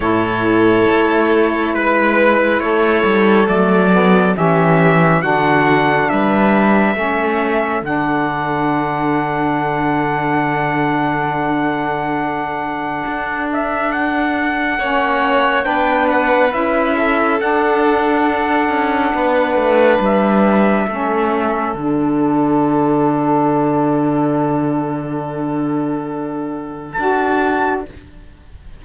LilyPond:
<<
  \new Staff \with { instrumentName = "trumpet" } { \time 4/4 \tempo 4 = 69 cis''2 b'4 cis''4 | d''4 e''4 fis''4 e''4~ | e''4 fis''2.~ | fis''2.~ fis''8 e''8 |
fis''2 g''8 fis''8 e''4 | fis''2. e''4~ | e''4 fis''2.~ | fis''2. a''4 | }
  \new Staff \with { instrumentName = "violin" } { \time 4/4 a'2 b'4 a'4~ | a'4 g'4 fis'4 b'4 | a'1~ | a'1~ |
a'4 cis''4 b'4. a'8~ | a'2 b'2 | a'1~ | a'1 | }
  \new Staff \with { instrumentName = "saxophone" } { \time 4/4 e'1 | a8 b8 cis'4 d'2 | cis'4 d'2.~ | d'1~ |
d'4 cis'4 d'4 e'4 | d'1 | cis'4 d'2.~ | d'2. fis'4 | }
  \new Staff \with { instrumentName = "cello" } { \time 4/4 a,4 a4 gis4 a8 g8 | fis4 e4 d4 g4 | a4 d2.~ | d2. d'4~ |
d'4 ais4 b4 cis'4 | d'4. cis'8 b8 a8 g4 | a4 d2.~ | d2. d'4 | }
>>